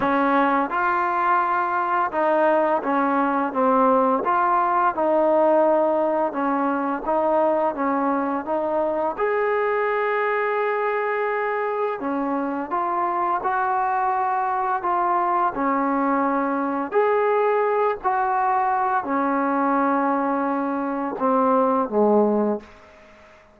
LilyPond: \new Staff \with { instrumentName = "trombone" } { \time 4/4 \tempo 4 = 85 cis'4 f'2 dis'4 | cis'4 c'4 f'4 dis'4~ | dis'4 cis'4 dis'4 cis'4 | dis'4 gis'2.~ |
gis'4 cis'4 f'4 fis'4~ | fis'4 f'4 cis'2 | gis'4. fis'4. cis'4~ | cis'2 c'4 gis4 | }